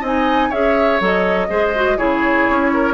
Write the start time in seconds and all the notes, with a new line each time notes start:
0.00 C4 D#4 D#5 G#5
0.49 C#4 G#4 C#5 E5
1.00 F#3 A4 D#5
1.49 G#3 G#4 C5
1.75 F#4
1.97 C#3 E4 G#4 C#5
2.50 C#4
2.73 A#4